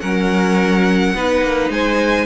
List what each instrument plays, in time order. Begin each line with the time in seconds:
0.00 cello F#3, viola C#4, violin A#4 F#5
1.14 cello B3, viola D#4, violin B4
1.42 cello A#3
1.69 cello G#3, violin C5 G#5